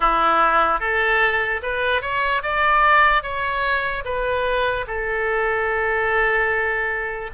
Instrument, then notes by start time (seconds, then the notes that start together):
oboe
0.00 E4
0.80 A4
1.62 B4
2.01 C#5
2.43 D5
3.22 C#5
4.04 B4
4.86 A4